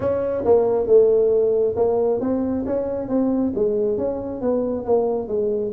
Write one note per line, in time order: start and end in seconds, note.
0.00 0.44 C#4
0.45 0.86 A#3
0.86 1.74 A3
1.76 2.20 A#3
2.20 2.64 C4
2.66 3.08 C#4
3.08 3.52 C4
3.55 3.97 G#3
3.97 4.41 C#4
4.41 4.85 B3
4.85 5.28 A#3
5.28 5.72 G#3